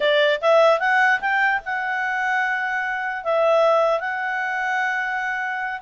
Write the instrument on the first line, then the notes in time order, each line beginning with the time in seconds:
clarinet
0.00 D5
0.41 E5
0.79 F#5
1.20 G5
1.65 F#5
3.24 E5
4.00 F#5